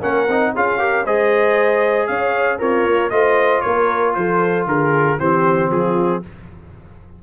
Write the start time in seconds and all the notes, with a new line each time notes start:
0.00 A#3 C#4 A#4 F#5
0.28 C4 D#4
0.54 C#4 F4 G#4 F5
0.78 G4 A#4
1.05 G#3 G#4 C5 D#5
2.07 C#4 C#5 F5
2.59 C4 F4 A#4 C#5
2.85 A#3
3.10 A3 F4 C5 D#5
3.61 A#3 A#4 C#5
4.14 F3 A4 C5
4.66 D3 G#4 A#4
5.19 E3 C4 G4 C5
5.70 F3 F4 G#4